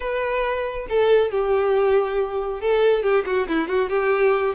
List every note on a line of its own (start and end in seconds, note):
0.00 0.87 B4
0.89 1.31 A4
1.31 2.60 G4
2.60 3.02 A4
3.02 3.24 G4
3.25 3.47 F#4
3.48 3.68 E4
3.68 3.89 F#4
3.89 4.54 G4